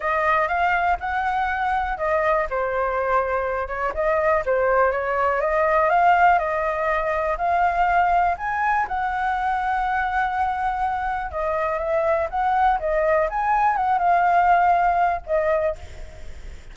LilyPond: \new Staff \with { instrumentName = "flute" } { \time 4/4 \tempo 4 = 122 dis''4 f''4 fis''2 | dis''4 c''2~ c''8 cis''8 | dis''4 c''4 cis''4 dis''4 | f''4 dis''2 f''4~ |
f''4 gis''4 fis''2~ | fis''2. dis''4 | e''4 fis''4 dis''4 gis''4 | fis''8 f''2~ f''8 dis''4 | }